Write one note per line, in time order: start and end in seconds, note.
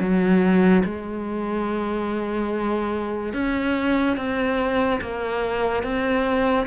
0.00 0.83 F#3
0.85 3.33 G#3
3.33 4.17 C#4
4.17 5.00 C4
5.01 5.83 A#3
5.83 6.66 C4